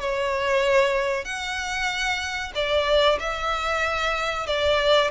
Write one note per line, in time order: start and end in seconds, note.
0.00 1.25 C#5
1.25 2.53 F#5
2.55 3.19 D5
3.20 4.47 E5
4.47 5.11 D5